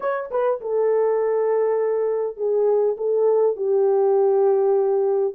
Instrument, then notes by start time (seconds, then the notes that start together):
horn
0.00 C#5
0.31 B4
0.60 A4
2.37 G#4
2.97 A4
3.56 G4